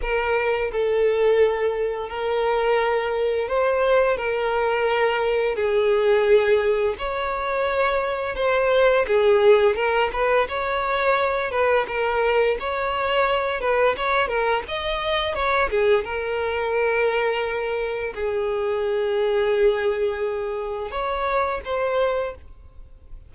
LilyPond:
\new Staff \with { instrumentName = "violin" } { \time 4/4 \tempo 4 = 86 ais'4 a'2 ais'4~ | ais'4 c''4 ais'2 | gis'2 cis''2 | c''4 gis'4 ais'8 b'8 cis''4~ |
cis''8 b'8 ais'4 cis''4. b'8 | cis''8 ais'8 dis''4 cis''8 gis'8 ais'4~ | ais'2 gis'2~ | gis'2 cis''4 c''4 | }